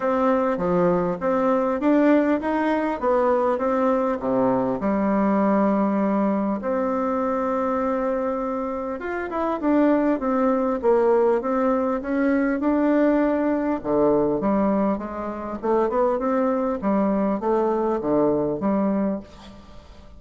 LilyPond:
\new Staff \with { instrumentName = "bassoon" } { \time 4/4 \tempo 4 = 100 c'4 f4 c'4 d'4 | dis'4 b4 c'4 c4 | g2. c'4~ | c'2. f'8 e'8 |
d'4 c'4 ais4 c'4 | cis'4 d'2 d4 | g4 gis4 a8 b8 c'4 | g4 a4 d4 g4 | }